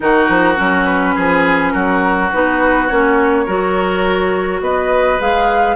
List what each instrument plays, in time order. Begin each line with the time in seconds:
0.00 bassoon D#3, clarinet D#4, oboe F#4, flute A#4
0.28 bassoon F3
0.56 bassoon F#3, clarinet C#4
0.85 flute B4
1.15 bassoon F3, oboe G#4
1.71 bassoon F#3, oboe F#4, flute A#4
2.32 bassoon B3, clarinet D#4, flute B4
2.87 bassoon A#3, clarinet C#4, flute C#5
3.45 bassoon F#3, clarinet F#4, oboe A#4
4.60 bassoon B3, oboe B4, flute D#5
5.19 bassoon G#3, clarinet G#4, flute F5